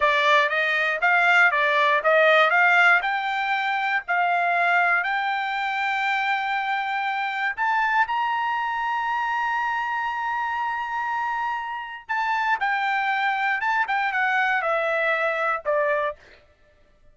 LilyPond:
\new Staff \with { instrumentName = "trumpet" } { \time 4/4 \tempo 4 = 119 d''4 dis''4 f''4 d''4 | dis''4 f''4 g''2 | f''2 g''2~ | g''2. a''4 |
ais''1~ | ais''1 | a''4 g''2 a''8 g''8 | fis''4 e''2 d''4 | }